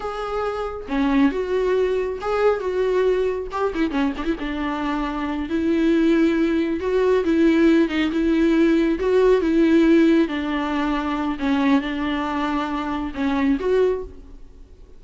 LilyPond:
\new Staff \with { instrumentName = "viola" } { \time 4/4 \tempo 4 = 137 gis'2 cis'4 fis'4~ | fis'4 gis'4 fis'2 | g'8 e'8 cis'8 d'16 e'16 d'2~ | d'8 e'2. fis'8~ |
fis'8 e'4. dis'8 e'4.~ | e'8 fis'4 e'2 d'8~ | d'2 cis'4 d'4~ | d'2 cis'4 fis'4 | }